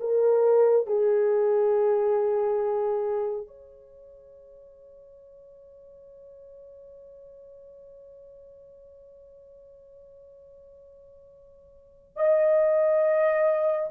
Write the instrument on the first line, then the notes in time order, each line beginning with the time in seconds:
horn
0.00 A#4
0.87 G#4
3.47 C#5
12.17 D#5